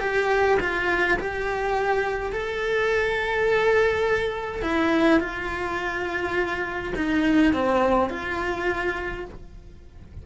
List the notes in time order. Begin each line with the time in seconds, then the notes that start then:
0.00 G4
0.60 F4
1.19 G4
2.32 A4
4.62 E4
5.20 F4
6.95 D#4
7.53 C4
8.10 F4